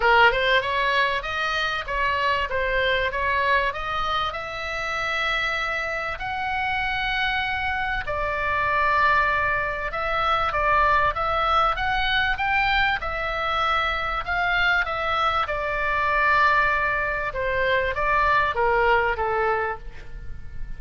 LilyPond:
\new Staff \with { instrumentName = "oboe" } { \time 4/4 \tempo 4 = 97 ais'8 c''8 cis''4 dis''4 cis''4 | c''4 cis''4 dis''4 e''4~ | e''2 fis''2~ | fis''4 d''2. |
e''4 d''4 e''4 fis''4 | g''4 e''2 f''4 | e''4 d''2. | c''4 d''4 ais'4 a'4 | }